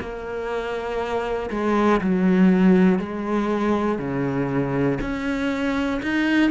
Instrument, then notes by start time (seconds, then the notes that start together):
cello
0.00 A#3
1.50 G#3
2.01 F#3
2.99 G#3
3.99 C#3
5.01 C#4
6.03 D#4